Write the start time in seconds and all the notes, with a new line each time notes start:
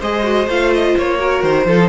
0.00 G#3 G#4 C5 D#5
0.23 F#4
0.47 A3 F4 F5
0.74 D#5
0.98 A#3 C#5
1.18 F#4 A#4
1.43 D#3 C5
1.66 F3 F4 A4
1.81 D#4